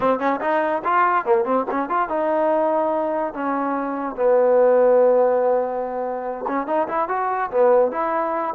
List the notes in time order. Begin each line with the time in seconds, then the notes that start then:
0.00 C4
0.19 C#4
0.41 D#4
0.84 F4
1.25 A#3
1.44 C4
1.70 C#4
1.89 F4
2.08 D#4
3.33 C#4
4.16 B3
6.47 C#4
6.66 D#4
6.88 E4
7.08 F#4
7.50 B3
7.91 E4